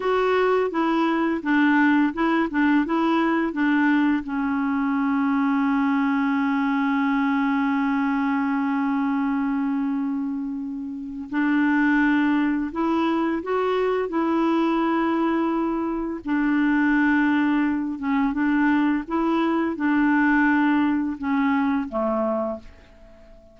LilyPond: \new Staff \with { instrumentName = "clarinet" } { \time 4/4 \tempo 4 = 85 fis'4 e'4 d'4 e'8 d'8 | e'4 d'4 cis'2~ | cis'1~ | cis'1 |
d'2 e'4 fis'4 | e'2. d'4~ | d'4. cis'8 d'4 e'4 | d'2 cis'4 a4 | }